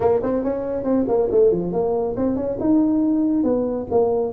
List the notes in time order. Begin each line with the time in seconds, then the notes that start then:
0.00 A#3
0.22 C4
0.43 C#4
0.84 C4
1.08 A#3
1.31 A3
1.51 F3
1.72 A#3
2.16 C4
2.35 C#4
2.59 D#4
3.43 B3
3.91 A#3